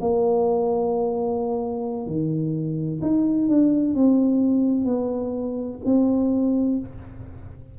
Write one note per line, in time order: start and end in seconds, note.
0.00 2.06 A#3
2.06 3.00 D#3
3.01 3.48 D#4
3.48 3.94 D4
3.94 4.85 C4
4.85 5.79 B3
5.85 6.79 C4